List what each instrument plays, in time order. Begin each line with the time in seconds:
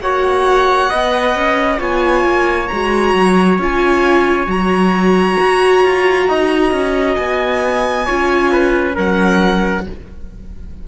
0.00 cello A#3, viola F#4, trumpet C#5, violin F#5
0.89 cello B3, viola B4, trumpet D#5
1.35 cello C#4
1.78 cello B3, viola F4, trumpet C#5, violin G#5
2.24 cello A#3
2.67 cello G#3, viola F#4, violin A#5
3.13 cello F#3
3.58 cello C#4, viola F4, violin G#5
4.46 cello F#3, viola F#4, violin A#5
5.39 cello F#4
5.84 cello F4
6.28 cello D#4, trumpet D#5
6.71 cello C#4
7.15 cello B3, violin G#5
8.06 cello C#4, viola F4, trumpet C#5
8.52 trumpet B4
8.95 cello F#3, viola C#4, trumpet A#4, violin F#5